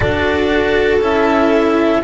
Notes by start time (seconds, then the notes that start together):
0.00 D4 F#4 A4 D5
1.00 C#4 E4 E5